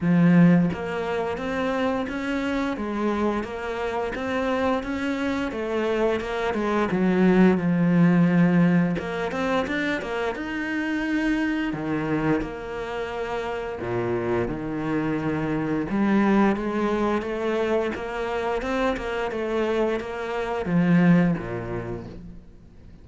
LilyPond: \new Staff \with { instrumentName = "cello" } { \time 4/4 \tempo 4 = 87 f4 ais4 c'4 cis'4 | gis4 ais4 c'4 cis'4 | a4 ais8 gis8 fis4 f4~ | f4 ais8 c'8 d'8 ais8 dis'4~ |
dis'4 dis4 ais2 | ais,4 dis2 g4 | gis4 a4 ais4 c'8 ais8 | a4 ais4 f4 ais,4 | }